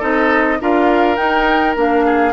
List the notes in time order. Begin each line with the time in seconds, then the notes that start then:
0.00 C4 D#4 A4 D#5
0.60 D4 F4 A#4 F5
1.17 D#4 G5
1.75 A#3 D4 F5
2.06 G#4